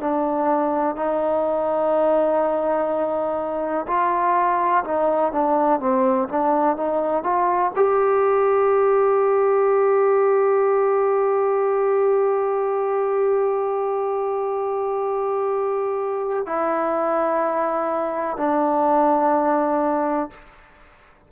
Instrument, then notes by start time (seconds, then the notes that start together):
trombone
0.00 D4
0.95 D#4
3.87 F4
4.84 D#4
5.32 D4
5.80 C4
6.29 D4
6.76 D#4
7.23 F4
7.75 G4
16.46 E4
18.37 D4